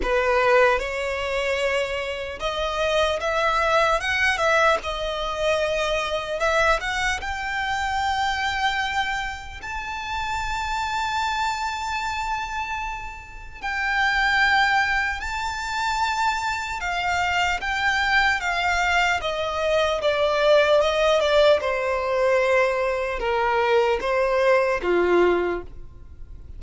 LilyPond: \new Staff \with { instrumentName = "violin" } { \time 4/4 \tempo 4 = 75 b'4 cis''2 dis''4 | e''4 fis''8 e''8 dis''2 | e''8 fis''8 g''2. | a''1~ |
a''4 g''2 a''4~ | a''4 f''4 g''4 f''4 | dis''4 d''4 dis''8 d''8 c''4~ | c''4 ais'4 c''4 f'4 | }